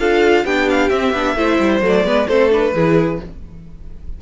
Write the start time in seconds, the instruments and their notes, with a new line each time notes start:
0.00 cello D4, viola F4, violin A4 F5
0.45 cello B3, viola D4, violin G4 G5
0.70 violin F5
0.89 viola C4, cello C4, violin E5
1.13 cello B3, viola D4
1.36 cello A3, viola E4, violin C5
1.59 cello G3
1.82 cello F#3, viola A3
1.88 violin D5
2.04 cello G#3, viola B3, violin B4
2.28 cello A3, viola C4, violin A4 C5
2.51 viola D4, violin B4
2.75 cello E3, viola E4, violin G#4